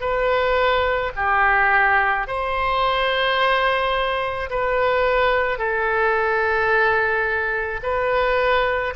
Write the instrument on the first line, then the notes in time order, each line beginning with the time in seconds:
oboe
0.00 B4
1.16 G4
2.27 C5
4.49 B4
5.58 A4
7.82 B4